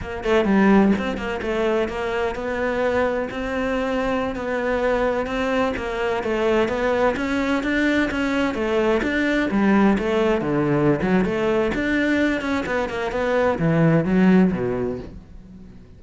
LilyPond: \new Staff \with { instrumentName = "cello" } { \time 4/4 \tempo 4 = 128 ais8 a8 g4 c'8 ais8 a4 | ais4 b2 c'4~ | c'4~ c'16 b2 c'8.~ | c'16 ais4 a4 b4 cis'8.~ |
cis'16 d'4 cis'4 a4 d'8.~ | d'16 g4 a4 d4~ d16 fis8 | a4 d'4. cis'8 b8 ais8 | b4 e4 fis4 b,4 | }